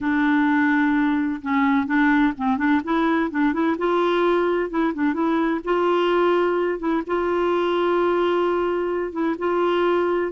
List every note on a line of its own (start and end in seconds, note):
0.00 1.41 D4
1.41 1.86 C#4
1.86 2.33 D4
2.37 2.57 C4
2.57 2.81 D4
2.84 3.30 E4
3.30 3.53 D4
3.53 3.76 E4
3.78 4.69 F4
4.69 4.93 E4
4.93 5.13 D4
5.13 5.60 E4
5.64 6.79 F4
6.79 7.02 E4
7.06 9.12 F4
9.12 9.35 E4
9.38 10.32 F4